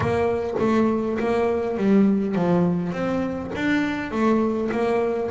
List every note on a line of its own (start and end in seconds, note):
0.00 0.55 A#3
0.59 1.18 A3
1.19 1.77 A#3
1.77 2.35 G3
2.35 2.92 F3
2.92 3.51 C4
3.55 4.11 D4
4.11 4.70 A3
4.71 5.30 A#3